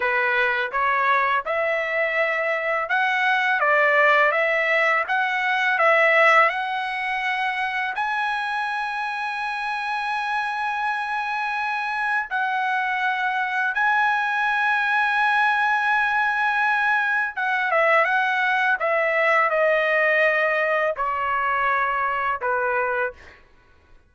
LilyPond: \new Staff \with { instrumentName = "trumpet" } { \time 4/4 \tempo 4 = 83 b'4 cis''4 e''2 | fis''4 d''4 e''4 fis''4 | e''4 fis''2 gis''4~ | gis''1~ |
gis''4 fis''2 gis''4~ | gis''1 | fis''8 e''8 fis''4 e''4 dis''4~ | dis''4 cis''2 b'4 | }